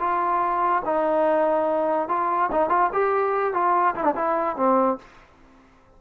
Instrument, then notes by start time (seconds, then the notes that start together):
trombone
0.00 F4
0.85 D#4
2.09 F4
2.52 D#4
2.70 F4
2.93 G4
3.54 F4
3.95 E4
4.04 D4
4.16 E4
4.57 C4